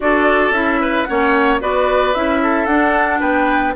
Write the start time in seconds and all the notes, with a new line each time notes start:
0.00 D4 F#4 A4 D5
0.50 C#4 E4 E5
0.80 B4
1.04 A#3 C#4 C#5 F#5
1.60 B3 F#4 B4 D5
2.14 C#4 E4 E5
2.42 A4
2.66 D4 F#5
3.19 B3 B4 G5